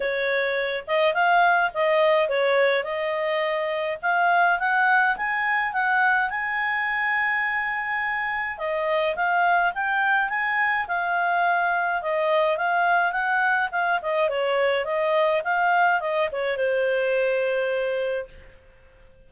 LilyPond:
\new Staff \with { instrumentName = "clarinet" } { \time 4/4 \tempo 4 = 105 cis''4. dis''8 f''4 dis''4 | cis''4 dis''2 f''4 | fis''4 gis''4 fis''4 gis''4~ | gis''2. dis''4 |
f''4 g''4 gis''4 f''4~ | f''4 dis''4 f''4 fis''4 | f''8 dis''8 cis''4 dis''4 f''4 | dis''8 cis''8 c''2. | }